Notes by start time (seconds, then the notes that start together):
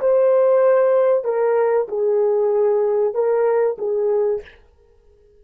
0.00 C5
1.24 A#4
1.88 G#4
3.14 A#4
3.78 G#4